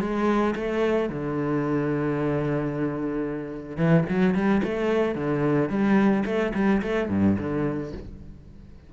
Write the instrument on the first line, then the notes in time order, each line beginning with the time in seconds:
cello
0.00 G#3
0.56 A3
1.10 D3
3.77 E3
4.09 F#3
4.35 G3
4.63 A3
5.15 D3
5.70 G3
6.25 A3
6.55 G3
6.82 A3
7.09 G2
7.39 D3